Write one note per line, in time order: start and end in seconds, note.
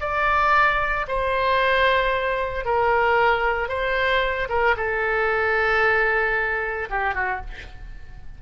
0.00 1.06 D5
1.08 2.65 C5
2.65 3.69 A#4
3.69 4.48 C5
4.49 4.75 A#4
4.76 6.89 A4
6.90 7.14 G4
7.14 7.41 F#4